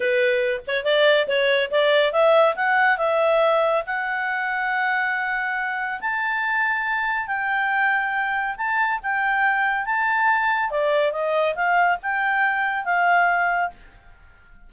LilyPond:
\new Staff \with { instrumentName = "clarinet" } { \time 4/4 \tempo 4 = 140 b'4. cis''8 d''4 cis''4 | d''4 e''4 fis''4 e''4~ | e''4 fis''2.~ | fis''2 a''2~ |
a''4 g''2. | a''4 g''2 a''4~ | a''4 d''4 dis''4 f''4 | g''2 f''2 | }